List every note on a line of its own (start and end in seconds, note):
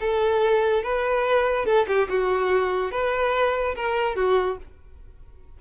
0.00 0.82 A4
0.82 1.65 B4
1.65 1.86 A4
1.87 2.08 G4
2.09 2.91 F#4
2.91 3.74 B4
3.75 4.15 A#4
4.15 4.57 F#4